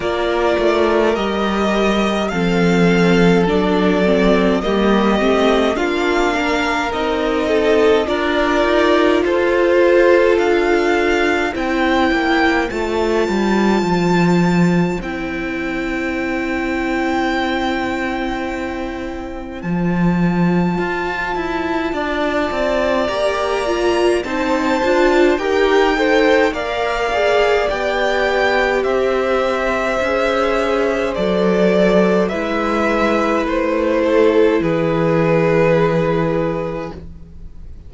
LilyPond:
<<
  \new Staff \with { instrumentName = "violin" } { \time 4/4 \tempo 4 = 52 d''4 dis''4 f''4 d''4 | dis''4 f''4 dis''4 d''4 | c''4 f''4 g''4 a''4~ | a''4 g''2.~ |
g''4 a''2. | ais''4 a''4 g''4 f''4 | g''4 e''2 d''4 | e''4 c''4 b'2 | }
  \new Staff \with { instrumentName = "violin" } { \time 4/4 ais'2 a'2 | g'4 f'8 ais'4 a'8 ais'4 | a'2 c''2~ | c''1~ |
c''2. d''4~ | d''4 c''4 ais'8 c''8 d''4~ | d''4 c''2. | b'4. a'8 gis'2 | }
  \new Staff \with { instrumentName = "viola" } { \time 4/4 f'4 g'4 c'4 d'8 c'8 | ais8 c'8 d'4 dis'4 f'4~ | f'2 e'4 f'4~ | f'4 e'2.~ |
e'4 f'2. | g'8 f'8 dis'8 f'8 g'8 a'8 ais'8 gis'8 | g'2 gis'4 a'4 | e'1 | }
  \new Staff \with { instrumentName = "cello" } { \time 4/4 ais8 a8 g4 f4 fis4 | g8 a8 ais4 c'4 d'8 dis'8 | f'4 d'4 c'8 ais8 a8 g8 | f4 c'2.~ |
c'4 f4 f'8 e'8 d'8 c'8 | ais4 c'8 d'8 dis'4 ais4 | b4 c'4 cis'4 fis4 | gis4 a4 e2 | }
>>